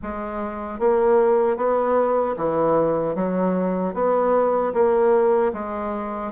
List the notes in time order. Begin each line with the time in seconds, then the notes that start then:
0.02 G#3
0.79 A#3
1.56 B3
2.36 E3
3.15 F#3
3.94 B3
4.73 A#3
5.53 G#3